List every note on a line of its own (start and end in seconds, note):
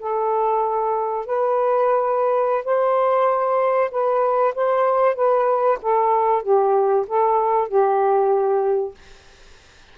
0.00 1.26 A4
1.26 2.65 B4
2.65 3.91 C5
3.92 4.55 B4
4.55 5.16 C5
5.16 5.79 B4
5.82 6.43 A4
6.43 7.06 G4
7.08 7.69 A4
7.69 8.95 G4